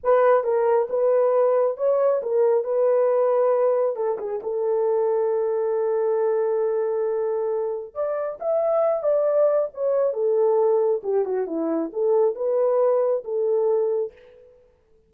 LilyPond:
\new Staff \with { instrumentName = "horn" } { \time 4/4 \tempo 4 = 136 b'4 ais'4 b'2 | cis''4 ais'4 b'2~ | b'4 a'8 gis'8 a'2~ | a'1~ |
a'2 d''4 e''4~ | e''8 d''4. cis''4 a'4~ | a'4 g'8 fis'8 e'4 a'4 | b'2 a'2 | }